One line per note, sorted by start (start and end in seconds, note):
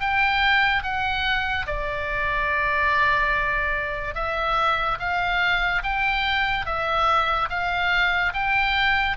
0.00 0.83 G5
0.83 1.66 F#5
1.67 4.15 D5
4.15 4.98 E5
4.99 5.83 F5
5.83 6.66 G5
6.66 7.49 E5
7.50 8.33 F5
8.34 9.17 G5